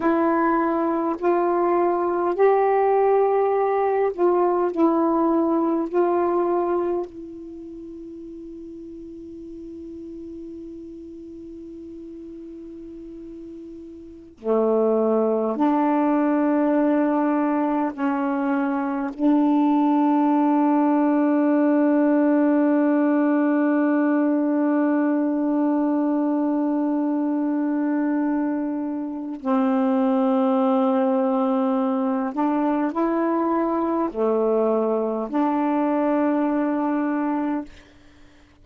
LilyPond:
\new Staff \with { instrumentName = "saxophone" } { \time 4/4 \tempo 4 = 51 e'4 f'4 g'4. f'8 | e'4 f'4 e'2~ | e'1~ | e'16 a4 d'2 cis'8.~ |
cis'16 d'2.~ d'8.~ | d'1~ | d'4 c'2~ c'8 d'8 | e'4 a4 d'2 | }